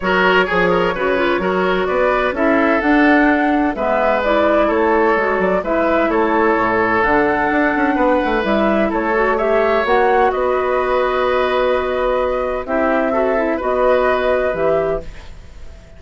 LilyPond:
<<
  \new Staff \with { instrumentName = "flute" } { \time 4/4 \tempo 4 = 128 cis''1 | d''4 e''4 fis''2 | e''4 d''4 cis''4. d''8 | e''4 cis''2 fis''4~ |
fis''2 e''4 cis''4 | e''4 fis''4 dis''2~ | dis''2. e''4~ | e''4 dis''2 e''4 | }
  \new Staff \with { instrumentName = "oboe" } { \time 4/4 ais'4 gis'8 ais'8 b'4 ais'4 | b'4 a'2. | b'2 a'2 | b'4 a'2.~ |
a'4 b'2 a'4 | cis''2 b'2~ | b'2. g'4 | a'4 b'2. | }
  \new Staff \with { instrumentName = "clarinet" } { \time 4/4 fis'4 gis'4 fis'8 f'8 fis'4~ | fis'4 e'4 d'2 | b4 e'2 fis'4 | e'2. d'4~ |
d'2 e'4. fis'8 | g'4 fis'2.~ | fis'2. e'4 | fis'8 e'8 fis'2 g'4 | }
  \new Staff \with { instrumentName = "bassoon" } { \time 4/4 fis4 f4 cis4 fis4 | b4 cis'4 d'2 | gis2 a4 gis8 fis8 | gis4 a4 a,4 d4 |
d'8 cis'8 b8 a8 g4 a4~ | a4 ais4 b2~ | b2. c'4~ | c'4 b2 e4 | }
>>